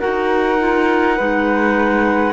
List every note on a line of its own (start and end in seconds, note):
0.00 1.20 D#4
0.00 0.59 F#4
0.00 1.16 A#4
0.00 2.34 F#5
0.59 1.18 F4
1.16 2.34 G#3
1.16 2.34 D#4
1.16 2.34 B4